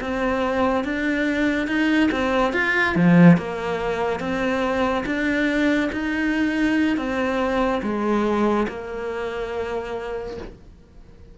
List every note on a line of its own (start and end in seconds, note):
0.00 0.84 C4
0.84 1.67 D4
1.67 2.09 D#4
2.11 2.53 C4
2.53 2.95 F4
2.95 3.37 F3
3.37 4.19 A#3
4.19 5.04 C4
5.06 5.90 D4
5.92 6.96 D#4
6.96 7.81 C4
7.82 8.67 G#3
8.68 10.37 A#3